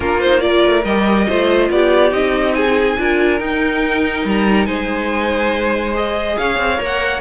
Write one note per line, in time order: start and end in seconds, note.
0.00 0.64 A#3
0.00 0.21 D4
0.00 0.42 F4
0.00 0.20 A#4
0.20 0.40 D#4
0.20 0.40 C5
0.40 0.83 F4
0.40 1.28 A#4
0.40 0.83 D5
0.65 0.84 A3
0.84 1.27 G3
0.84 1.30 G4
0.84 1.70 D#5
1.28 1.70 A3
1.28 2.11 F4
1.28 1.70 C5
1.70 2.11 B3
1.70 2.56 G4
1.70 2.12 D5
2.11 2.96 C4
2.11 2.96 D#4
2.11 2.54 D#5
2.54 2.99 G#4
2.54 3.39 G#5
2.97 3.40 D4
2.97 3.40 F4
2.97 4.66 A#4
3.39 4.24 D#4
3.39 5.93 D#4
3.39 4.24 G5
4.24 4.66 G3
4.24 4.66 A#5
4.66 6.36 G#3
4.66 6.37 C5
4.66 5.93 G#5
5.93 6.77 G#4
5.93 6.37 D#5
6.37 6.58 C#4
6.37 7.21 C#5
6.37 6.80 F5
6.58 6.79 C4
6.77 7.21 A#3
6.77 7.20 A#4
6.85 7.21 F#5